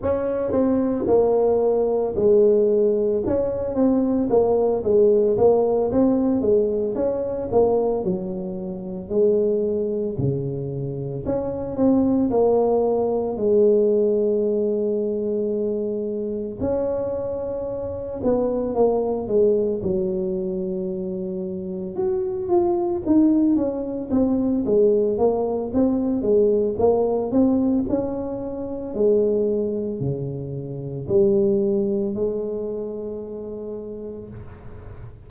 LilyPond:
\new Staff \with { instrumentName = "tuba" } { \time 4/4 \tempo 4 = 56 cis'8 c'8 ais4 gis4 cis'8 c'8 | ais8 gis8 ais8 c'8 gis8 cis'8 ais8 fis8~ | fis8 gis4 cis4 cis'8 c'8 ais8~ | ais8 gis2. cis'8~ |
cis'4 b8 ais8 gis8 fis4.~ | fis8 fis'8 f'8 dis'8 cis'8 c'8 gis8 ais8 | c'8 gis8 ais8 c'8 cis'4 gis4 | cis4 g4 gis2 | }